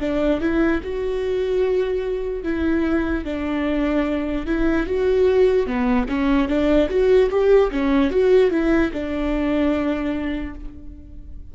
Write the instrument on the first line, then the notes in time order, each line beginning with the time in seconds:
viola
0.00 D4
0.40 E4
0.83 F#4
2.43 E4
3.24 D4
4.46 E4
4.86 F#4
5.66 B3
6.08 C#4
6.48 D4
6.89 F#4
7.30 G4
7.71 C#4
8.10 F#4
8.51 E4
8.92 D4